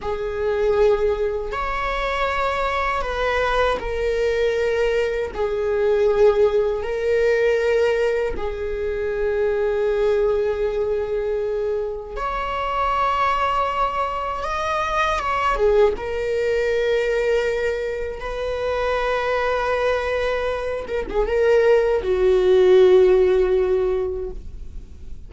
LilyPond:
\new Staff \with { instrumentName = "viola" } { \time 4/4 \tempo 4 = 79 gis'2 cis''2 | b'4 ais'2 gis'4~ | gis'4 ais'2 gis'4~ | gis'1 |
cis''2. dis''4 | cis''8 gis'8 ais'2. | b'2.~ b'8 ais'16 gis'16 | ais'4 fis'2. | }